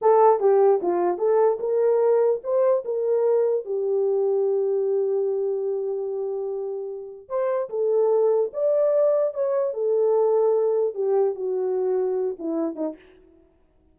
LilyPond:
\new Staff \with { instrumentName = "horn" } { \time 4/4 \tempo 4 = 148 a'4 g'4 f'4 a'4 | ais'2 c''4 ais'4~ | ais'4 g'2.~ | g'1~ |
g'2 c''4 a'4~ | a'4 d''2 cis''4 | a'2. g'4 | fis'2~ fis'8 e'4 dis'8 | }